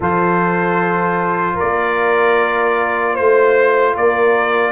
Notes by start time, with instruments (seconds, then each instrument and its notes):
0.00 tuba F3, trombone F4, horn A4, trumpet C5
1.54 horn A#4, trumpet D5
1.61 tuba A#3
3.14 tuba A3, horn C5, trumpet C5
3.95 tuba A#3, horn A#4, trumpet D5